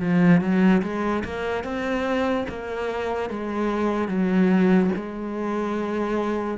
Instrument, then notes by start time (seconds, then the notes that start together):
cello
0.00 F3
0.41 F#3
0.82 G#3
1.24 A#3
1.64 C4
2.49 A#3
3.30 G#3
4.08 F#3
4.96 G#3